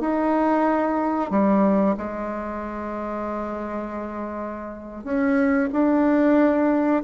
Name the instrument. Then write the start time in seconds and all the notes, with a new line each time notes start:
bassoon
0.00 D#4
1.30 G3
1.97 G#3
5.04 C#4
5.72 D4